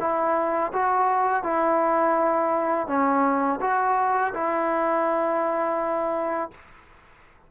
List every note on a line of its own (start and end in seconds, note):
0.00 0.72 E4
0.73 1.44 F#4
1.44 2.88 E4
2.88 3.60 C#4
3.61 4.33 F#4
4.34 6.51 E4